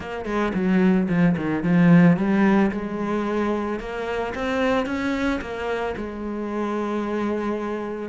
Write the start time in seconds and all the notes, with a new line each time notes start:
0.00 A#3
0.25 G#3
0.54 F#3
1.08 F3
1.36 D#3
1.63 F3
2.16 G3
2.71 G#3
3.79 A#3
4.34 C4
4.86 C#4
5.41 A#3
5.97 G#3